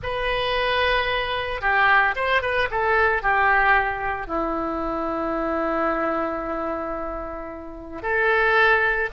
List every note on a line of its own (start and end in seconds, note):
0.03 1.61 B4
1.61 2.15 G4
2.15 2.41 C5
2.41 2.68 B4
2.71 3.22 A4
3.22 4.27 G4
4.27 8.02 E4
8.02 9.09 A4